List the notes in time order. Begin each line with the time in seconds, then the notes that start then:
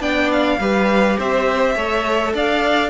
0.00 B3 D4 D5 G5
0.32 F5
0.59 G3 G4 B4
1.18 C4 C5 E5
1.75 A3 A4 C#5
2.34 D4 D5 F5